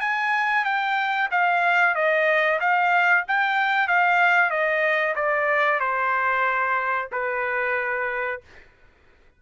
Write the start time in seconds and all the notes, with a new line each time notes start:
0.00 G#5
0.64 G5
1.31 F5
1.94 D#5
2.60 F5
3.27 G5
3.88 F5
4.50 D#5
5.15 D5
5.80 C5
7.11 B4